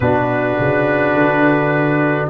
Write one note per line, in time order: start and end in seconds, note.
0.00 0.56 B2
0.00 2.30 D4
0.00 2.30 F#4
0.00 2.28 B4
0.59 1.14 C#3
1.14 2.29 D3